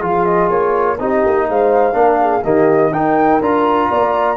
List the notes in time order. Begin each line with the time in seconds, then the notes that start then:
0.00 F3 F4 G#4 F5
0.26 D#5
0.50 A#3 C#5
1.00 C4 D#4 G4 D#5
1.25 A#3
1.49 G#3 C5 F5
1.93 A#3 D4 A#4
2.21 G#4
2.44 D#3 A#3 G4 D#5
2.92 D#4 A#4 G5
3.41 D4 F4 A#5
3.90 A#3 D5